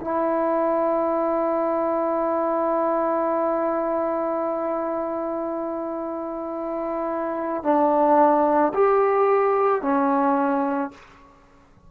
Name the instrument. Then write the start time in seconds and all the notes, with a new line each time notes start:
trombone
0.00 E4
7.63 D4
8.73 G4
9.81 C#4